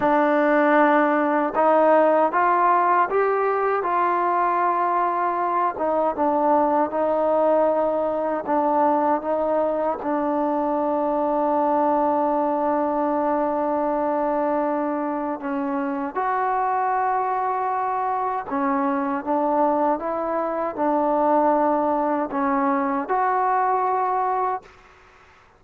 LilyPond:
\new Staff \with { instrumentName = "trombone" } { \time 4/4 \tempo 4 = 78 d'2 dis'4 f'4 | g'4 f'2~ f'8 dis'8 | d'4 dis'2 d'4 | dis'4 d'2.~ |
d'1 | cis'4 fis'2. | cis'4 d'4 e'4 d'4~ | d'4 cis'4 fis'2 | }